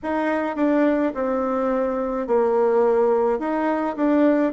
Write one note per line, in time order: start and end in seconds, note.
0.03 0.56 D#4
0.56 1.12 D4
1.14 2.27 C4
2.27 3.39 A#3
3.39 3.96 D#4
3.96 4.53 D4